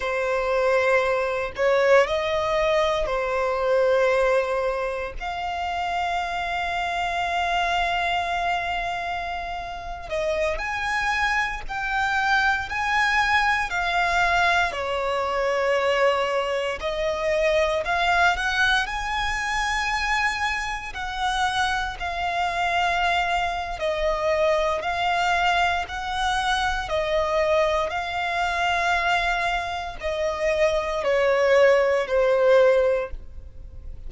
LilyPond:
\new Staff \with { instrumentName = "violin" } { \time 4/4 \tempo 4 = 58 c''4. cis''8 dis''4 c''4~ | c''4 f''2.~ | f''4.~ f''16 dis''8 gis''4 g''8.~ | g''16 gis''4 f''4 cis''4.~ cis''16~ |
cis''16 dis''4 f''8 fis''8 gis''4.~ gis''16~ | gis''16 fis''4 f''4.~ f''16 dis''4 | f''4 fis''4 dis''4 f''4~ | f''4 dis''4 cis''4 c''4 | }